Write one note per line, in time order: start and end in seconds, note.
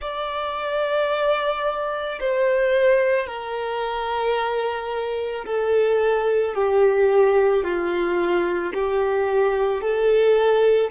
0.00 2.19 D5
2.20 3.27 C5
3.27 5.45 A#4
5.45 6.55 A4
6.55 7.64 G4
7.64 8.73 F4
8.74 9.81 G4
9.81 10.90 A4